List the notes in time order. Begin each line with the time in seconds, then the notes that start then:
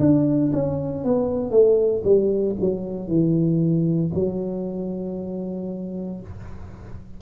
0.00 D4
0.53 C#4
1.05 B3
1.51 A3
2.04 G3
2.61 F#3
3.08 E3
4.15 F#3